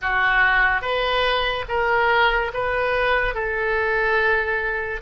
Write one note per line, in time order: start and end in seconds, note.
0.01 0.81 F#4
0.81 1.64 B4
1.68 2.52 A#4
2.53 3.34 B4
3.34 5.01 A4